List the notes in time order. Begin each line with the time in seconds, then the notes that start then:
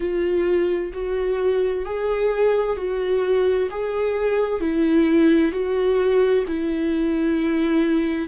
0.00 F4
0.93 F#4
1.85 G#4
2.77 F#4
3.70 G#4
4.60 E4
5.51 F#4
6.47 E4